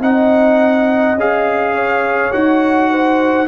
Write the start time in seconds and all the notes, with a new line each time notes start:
0.00 C4 D#4 D#5 F#5
1.15 C#4 G#4 F5
1.74 C#5
2.32 D#4 F#4 F#5
2.90 C5